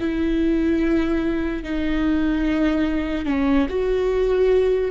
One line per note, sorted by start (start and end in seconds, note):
0.00 1.63 E4
1.63 3.25 D#4
3.25 3.67 C#4
3.69 4.91 F#4